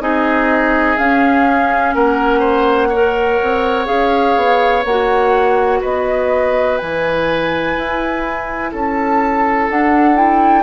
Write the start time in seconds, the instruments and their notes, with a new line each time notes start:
0.00 bassoon C4, clarinet D#4, oboe G#4, flute D#5
0.97 clarinet C#4, bassoon C#4, flute F5
1.94 bassoon A#3, oboe A#4, flute F#5
2.39 oboe C5
2.89 clarinet A#4, oboe C#5
3.43 bassoon C4
3.86 bassoon C#4, clarinet G#4, flute F5
4.36 bassoon B3
4.84 bassoon A#3, clarinet F#4, flute F#5
5.80 bassoon B3, oboe B4, flute D#5
6.77 bassoon E3, clarinet E4, flute G#5
7.77 bassoon E4
8.72 bassoon C#4, oboe A4, flute A5
9.69 bassoon D4, clarinet D4, flute F#5
10.15 clarinet E4, flute G5